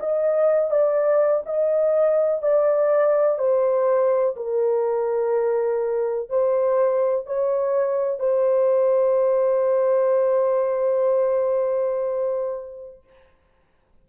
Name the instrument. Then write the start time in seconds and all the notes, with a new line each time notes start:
horn
0.00 D#5
0.71 D5
1.46 D#5
2.42 D5
3.39 C5
4.36 A#4
6.30 C5
7.26 C#5
8.20 C5